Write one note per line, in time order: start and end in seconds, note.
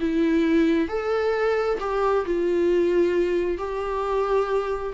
0.00 0.88 E4
0.88 1.78 A4
1.80 2.25 G4
2.25 3.57 F4
3.57 4.93 G4